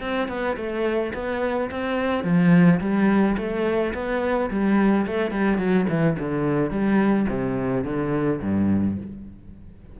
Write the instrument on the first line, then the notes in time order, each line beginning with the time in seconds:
cello
0.00 C4
0.28 B3
0.57 A3
1.14 B3
1.71 C4
2.24 F3
2.80 G3
3.37 A3
3.94 B3
4.50 G3
5.06 A3
5.31 G3
5.58 F#3
5.89 E3
6.19 D3
6.71 G3
7.29 C3
7.84 D3
8.41 G2